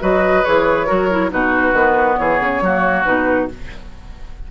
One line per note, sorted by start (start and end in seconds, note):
0.00 0.45 F#3
0.00 0.43 F#4
0.00 0.87 B4
0.00 0.44 D#5
0.44 0.90 E3
0.44 0.87 G#4
0.44 1.31 C#5
0.87 1.32 F#3
0.87 1.09 F#4
0.87 1.30 A#4
1.11 1.30 E4
1.30 1.73 B2
1.30 1.73 D#4
1.30 2.20 F#4
1.30 2.17 B4
1.73 2.17 D#3
1.73 2.63 B3
2.17 2.40 E3
2.17 2.64 G#4
2.17 3.04 C#5
2.40 2.61 C#3
2.62 3.05 F#3
2.62 3.05 A#3
2.62 3.51 F#4
3.05 3.51 B2
3.05 3.49 D#4
3.05 3.48 B4